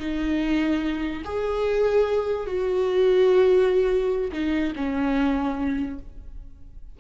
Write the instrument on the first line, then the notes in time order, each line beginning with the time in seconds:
viola
0.00 D#4
1.25 G#4
2.47 F#4
4.33 D#4
4.76 C#4